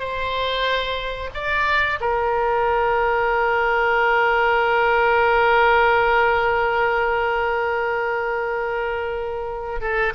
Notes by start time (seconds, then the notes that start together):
0.00 C5
1.34 D5
2.00 A#4
9.81 A4